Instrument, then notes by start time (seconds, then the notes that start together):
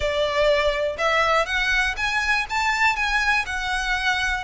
violin
0.00 D5
0.97 E5
1.46 F#5
1.96 G#5
2.49 A5
2.96 G#5
3.46 F#5